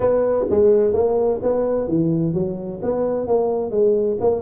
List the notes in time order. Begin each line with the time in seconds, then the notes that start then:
0.00 B3
0.49 G#3
0.93 A#3
1.42 B3
1.87 E3
2.33 F#3
2.82 B3
3.27 A#3
3.70 G#3
4.20 A#3